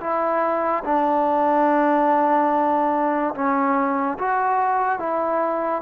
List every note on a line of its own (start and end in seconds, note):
0.00 0.83 E4
0.84 3.34 D4
3.34 4.18 C#4
4.18 4.99 F#4
4.99 5.82 E4